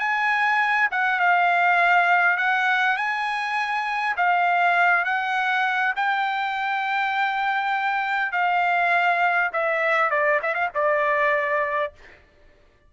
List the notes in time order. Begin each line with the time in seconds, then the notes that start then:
0.00 G#5
0.92 F#5
1.20 F5
2.38 F#5
2.97 G#5
4.17 F5
5.05 F#5
5.96 G5
8.32 F5
9.53 E5
10.11 D5
10.43 E5
10.55 F5
10.75 D5